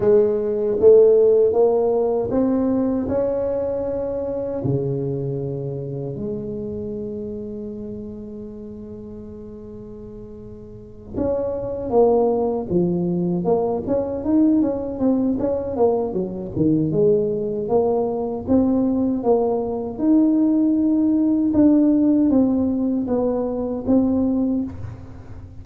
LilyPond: \new Staff \with { instrumentName = "tuba" } { \time 4/4 \tempo 4 = 78 gis4 a4 ais4 c'4 | cis'2 cis2 | gis1~ | gis2~ gis8 cis'4 ais8~ |
ais8 f4 ais8 cis'8 dis'8 cis'8 c'8 | cis'8 ais8 fis8 dis8 gis4 ais4 | c'4 ais4 dis'2 | d'4 c'4 b4 c'4 | }